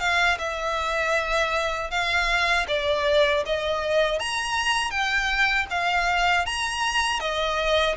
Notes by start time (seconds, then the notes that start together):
0.00 F5
0.39 E5
1.91 F5
2.68 D5
3.46 D#5
4.20 A#5
4.91 G5
5.70 F5
6.46 A#5
7.20 D#5